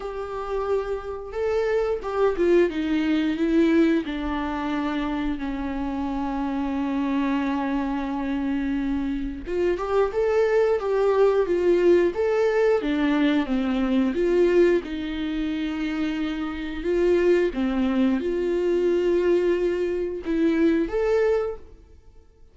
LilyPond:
\new Staff \with { instrumentName = "viola" } { \time 4/4 \tempo 4 = 89 g'2 a'4 g'8 f'8 | dis'4 e'4 d'2 | cis'1~ | cis'2 f'8 g'8 a'4 |
g'4 f'4 a'4 d'4 | c'4 f'4 dis'2~ | dis'4 f'4 c'4 f'4~ | f'2 e'4 a'4 | }